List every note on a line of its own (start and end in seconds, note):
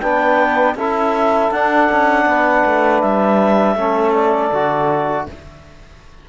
0.00 0.75 B3
0.00 0.77 D4
0.00 0.75 B4
0.00 0.75 G5
0.75 1.50 C#4
0.75 1.53 E4
0.75 2.25 A4
0.75 1.52 E5
1.51 1.88 D4
1.51 3.78 D4
1.51 3.01 F#5
1.92 2.26 C#4
2.26 2.64 B3
2.26 3.76 B4
2.66 3.03 A3
3.01 3.76 G3
3.01 4.14 E5
3.76 4.51 A3
3.76 4.53 C#4
3.76 5.26 A4
4.14 5.27 D5
4.52 5.27 D3
4.52 5.29 F#4